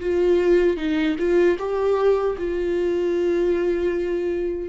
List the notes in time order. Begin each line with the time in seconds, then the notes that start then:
0.00 F4
0.77 D#4
1.19 F4
1.59 G4
2.38 F4